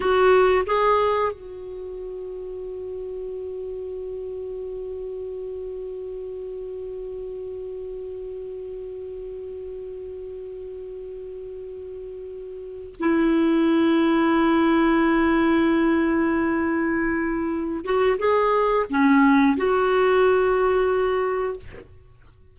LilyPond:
\new Staff \with { instrumentName = "clarinet" } { \time 4/4 \tempo 4 = 89 fis'4 gis'4 fis'2~ | fis'1~ | fis'1~ | fis'1~ |
fis'2.~ fis'16 e'8.~ | e'1~ | e'2~ e'8 fis'8 gis'4 | cis'4 fis'2. | }